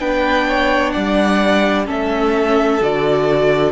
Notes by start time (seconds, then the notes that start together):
0.00 B3 D4 B4 G5
0.49 C#5
0.92 G3 D5 F#5
1.86 A3 C#4 A4 E5
2.81 D3 F#4 D5